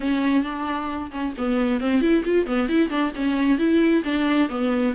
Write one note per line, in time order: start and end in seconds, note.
0.00 0.43 C#4
0.43 1.11 D4
1.11 1.33 C#4
1.37 1.80 B3
1.80 2.01 C4
2.01 2.23 E4
2.24 2.46 F4
2.46 2.68 B3
2.69 2.89 E4
2.89 3.12 D4
3.15 3.58 C#4
3.58 4.03 E4
4.04 4.49 D4
4.49 4.94 B3